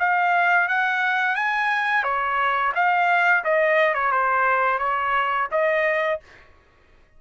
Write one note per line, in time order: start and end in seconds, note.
0.00 0.69 F5
0.69 1.36 F#5
1.36 2.04 G#5
2.04 2.73 C#5
2.76 3.45 F5
3.45 3.95 D#5
3.95 4.12 C#5
4.12 4.79 C5
4.79 5.48 C#5
5.52 6.21 D#5